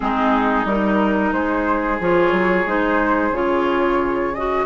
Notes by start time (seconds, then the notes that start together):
0.00 G#3 C4 D#4 G#4
0.65 G3 D#4 A#4
1.32 G#3 G#4 C5
2.00 F3 F4 C#5
2.32 F#3
2.65 G#3 D#4 C5
3.30 C#3 F4 C#5
4.34 F#4 D#5